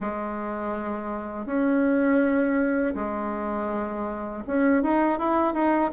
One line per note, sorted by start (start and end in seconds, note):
0.00 1.46 G#3
1.46 2.94 C#4
2.95 4.43 G#3
4.46 4.82 C#4
4.82 5.19 D#4
5.19 5.53 E4
5.53 5.90 D#4